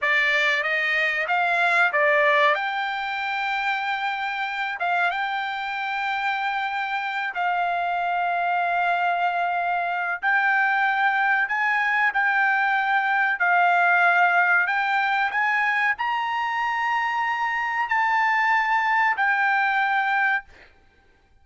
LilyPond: \new Staff \with { instrumentName = "trumpet" } { \time 4/4 \tempo 4 = 94 d''4 dis''4 f''4 d''4 | g''2.~ g''8 f''8 | g''2.~ g''8 f''8~ | f''1 |
g''2 gis''4 g''4~ | g''4 f''2 g''4 | gis''4 ais''2. | a''2 g''2 | }